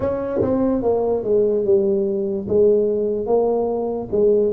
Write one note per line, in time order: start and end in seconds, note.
0.00 0.41 C#4
0.41 0.82 C4
0.82 1.23 A#3
1.23 1.64 G#3
1.64 2.47 G3
2.48 3.26 G#3
3.26 4.08 A#3
4.11 4.52 G#3